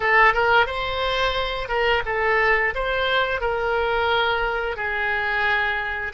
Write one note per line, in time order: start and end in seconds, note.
0.00 0.33 A4
0.33 0.66 A#4
0.66 1.68 C5
1.68 2.02 A#4
2.05 2.73 A4
2.74 3.41 C5
3.41 4.76 A#4
4.76 6.12 G#4